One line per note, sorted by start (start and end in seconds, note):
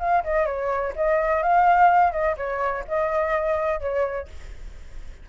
0.00 0.24 F5
0.24 0.46 D#5
0.46 0.94 C#5
0.96 1.43 D#5
1.43 2.12 F5
2.12 2.36 D#5
2.38 2.85 C#5
2.88 3.81 D#5
3.81 4.28 C#5